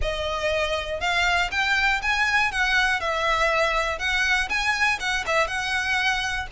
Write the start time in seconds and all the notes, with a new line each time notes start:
0.01 D#5
1.00 F5
1.51 G5
2.02 G#5
2.51 F#5
3.00 E5
3.99 F#5
4.49 G#5
4.99 F#5
5.26 E5
5.47 F#5